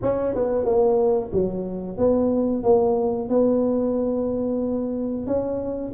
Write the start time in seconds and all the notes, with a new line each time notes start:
0.02 C#4
0.34 B3
0.65 A#3
1.32 F#3
1.98 B3
2.63 A#3
3.29 B3
5.26 C#4